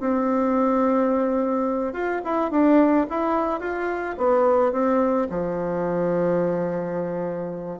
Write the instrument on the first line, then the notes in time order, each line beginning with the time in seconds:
bassoon
0.00 C4
1.93 F4
2.24 E4
2.51 D4
3.10 E4
3.60 F4
4.17 B3
4.72 C4
5.30 F3